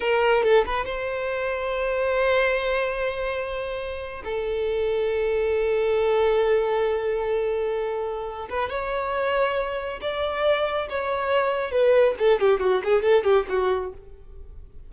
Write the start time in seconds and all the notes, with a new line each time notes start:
0.00 A#4
0.43 A4
0.65 B4
0.85 C5
4.24 A4
8.49 B4
8.69 C#5
10.01 D5
10.89 C#5
11.71 B4
12.19 A4
12.39 G4
12.60 F#4
12.84 G#4
13.02 A4
13.24 G4
13.49 F#4